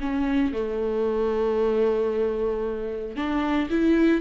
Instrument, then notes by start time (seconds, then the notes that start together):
viola
0.00 C#4
0.52 A3
3.16 D4
3.70 E4